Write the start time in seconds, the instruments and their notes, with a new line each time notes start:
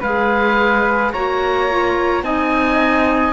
0.00 cello G#3, clarinet G#4, flute B4, oboe F5
1.12 cello A#3, clarinet F#4, flute C#5, oboe A#5
1.70 clarinet F4
2.22 cello C4, clarinet D#4, flute D#5, oboe G#5